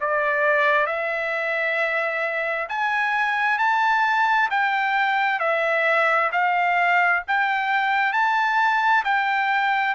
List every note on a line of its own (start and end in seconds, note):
0.00 0.86 D5
0.86 2.68 E5
2.69 3.58 G#5
3.58 4.49 A5
4.50 5.39 G5
5.39 6.30 E5
6.32 7.23 F5
7.27 8.12 G5
8.12 9.03 A5
9.05 9.95 G5